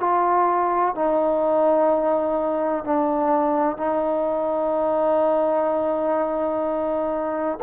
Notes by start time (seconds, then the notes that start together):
0.00 F4
0.95 D#4
2.85 D4
3.77 D#4